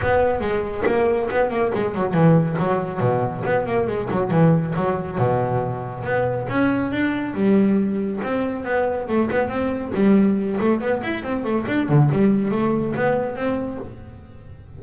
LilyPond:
\new Staff \with { instrumentName = "double bass" } { \time 4/4 \tempo 4 = 139 b4 gis4 ais4 b8 ais8 | gis8 fis8 e4 fis4 b,4 | b8 ais8 gis8 fis8 e4 fis4 | b,2 b4 cis'4 |
d'4 g2 c'4 | b4 a8 b8 c'4 g4~ | g8 a8 b8 e'8 c'8 a8 d'8 d8 | g4 a4 b4 c'4 | }